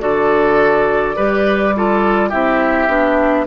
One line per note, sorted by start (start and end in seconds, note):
0.00 1.17 D3
0.00 1.15 F#4
0.00 1.16 A4
0.00 2.30 D5
1.16 2.33 G3
1.16 1.74 G4
1.16 1.74 B4
1.76 2.31 F4
1.76 2.29 A4
2.29 2.88 C4
2.29 2.89 E4
2.29 3.45 G4
2.29 3.46 E5
2.88 3.46 B3
2.88 3.46 D4